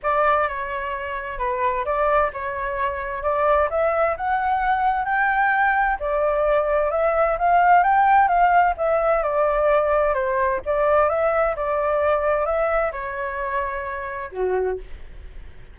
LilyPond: \new Staff \with { instrumentName = "flute" } { \time 4/4 \tempo 4 = 130 d''4 cis''2 b'4 | d''4 cis''2 d''4 | e''4 fis''2 g''4~ | g''4 d''2 e''4 |
f''4 g''4 f''4 e''4 | d''2 c''4 d''4 | e''4 d''2 e''4 | cis''2. fis'4 | }